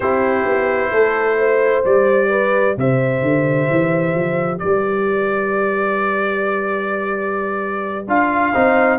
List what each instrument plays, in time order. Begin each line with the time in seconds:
0.00 tuba C4, trombone E4, horn G4, trumpet C5
0.45 tuba B3
0.91 tuba A3, horn A4
1.38 horn C5
1.84 tuba G3, trombone G4, trumpet D5
2.29 horn B4
2.77 tuba C3, horn C5, trumpet E5
3.22 tuba D3
3.70 tuba E3
4.14 tuba F3
4.58 tuba G3, horn B4, trumpet D5
8.07 tuba D4, trombone F4, trumpet F5
8.53 tuba C4, trombone D#4, horn C5